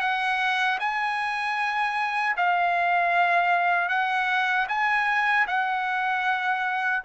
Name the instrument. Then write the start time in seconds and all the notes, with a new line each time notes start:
trumpet
0.00 F#5
0.79 G#5
2.37 F5
3.89 F#5
4.68 G#5
5.47 F#5